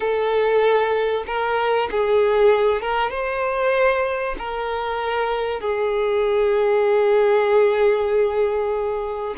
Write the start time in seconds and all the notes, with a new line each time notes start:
0.00 A4
1.26 A#4
1.91 G#4
2.81 A#4
3.10 C5
4.38 A#4
5.60 G#4